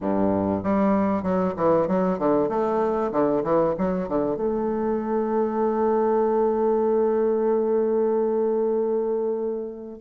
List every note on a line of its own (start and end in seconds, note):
0.00 0.63 G2
0.63 1.22 G3
1.22 1.54 F#3
1.56 1.87 E3
1.87 2.18 F#3
2.18 2.49 D3
2.49 3.11 A3
3.12 3.43 D3
3.43 3.74 E3
3.78 4.08 F#3
4.08 4.36 D3
4.36 9.98 A3